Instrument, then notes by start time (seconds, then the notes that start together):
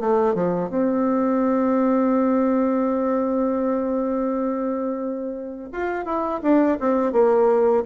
bassoon
0.00 A3
0.34 F3
0.70 C4
5.72 F4
6.05 E4
6.42 D4
6.80 C4
7.12 A#3